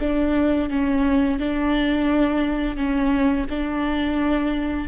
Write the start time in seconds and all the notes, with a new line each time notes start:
0.00 D4
0.70 C#4
1.39 D4
2.77 C#4
3.50 D4